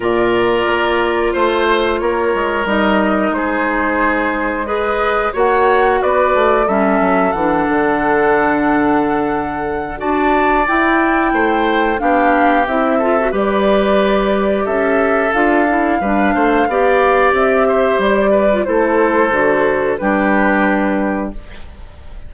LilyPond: <<
  \new Staff \with { instrumentName = "flute" } { \time 4/4 \tempo 4 = 90 d''2 c''4 cis''4 | dis''4 c''2 dis''4 | fis''4 d''4 e''4 fis''4~ | fis''2. a''4 |
g''2 f''4 e''4 | d''2 e''4 f''4~ | f''2 e''4 d''4 | c''2 b'2 | }
  \new Staff \with { instrumentName = "oboe" } { \time 4/4 ais'2 c''4 ais'4~ | ais'4 gis'2 b'4 | cis''4 b'4 a'2~ | a'2. d''4~ |
d''4 c''4 g'4. a'8 | b'2 a'2 | b'8 c''8 d''4. c''4 b'8 | a'2 g'2 | }
  \new Staff \with { instrumentName = "clarinet" } { \time 4/4 f'1 | dis'2. gis'4 | fis'2 cis'4 d'4~ | d'2. fis'4 |
e'2 d'4 e'8 f'16 fis'16 | g'2. f'8 e'8 | d'4 g'2~ g'8. f'16 | e'4 fis'4 d'2 | }
  \new Staff \with { instrumentName = "bassoon" } { \time 4/4 ais,4 ais4 a4 ais8 gis8 | g4 gis2. | ais4 b8 a8 g8 fis8 e8 d8~ | d2. d'4 |
e'4 a4 b4 c'4 | g2 cis'4 d'4 | g8 a8 b4 c'4 g4 | a4 d4 g2 | }
>>